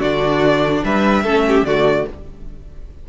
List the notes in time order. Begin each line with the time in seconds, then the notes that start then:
0.00 D3 D4 F#4 D5
0.84 G3 B4 E5
1.23 A3 C#4 A4
1.48 G4
1.63 D3 A3 F#4 D5